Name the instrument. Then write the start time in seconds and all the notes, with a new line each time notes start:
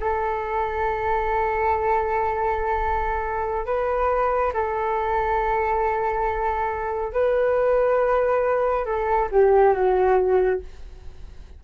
flute
0.00 A4
3.66 B4
4.53 A4
7.13 B4
8.86 A4
9.32 G4
9.74 F#4